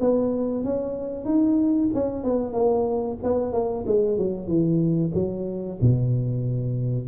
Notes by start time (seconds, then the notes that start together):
0.00 B3
0.64 C#4
1.25 D#4
1.94 C#4
2.24 B3
2.53 A#3
3.23 B3
3.52 A#3
3.87 G#3
4.18 F#3
4.47 E3
5.14 F#3
5.81 B2